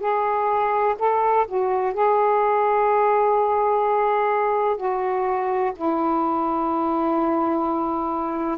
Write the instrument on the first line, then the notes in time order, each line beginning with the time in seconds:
saxophone
0.00 G#4
0.98 A4
1.48 F#4
1.93 G#4
4.77 F#4
5.75 E4